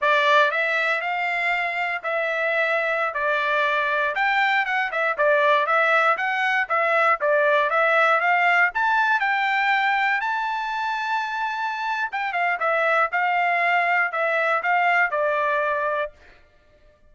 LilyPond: \new Staff \with { instrumentName = "trumpet" } { \time 4/4 \tempo 4 = 119 d''4 e''4 f''2 | e''2~ e''16 d''4.~ d''16~ | d''16 g''4 fis''8 e''8 d''4 e''8.~ | e''16 fis''4 e''4 d''4 e''8.~ |
e''16 f''4 a''4 g''4.~ g''16~ | g''16 a''2.~ a''8. | g''8 f''8 e''4 f''2 | e''4 f''4 d''2 | }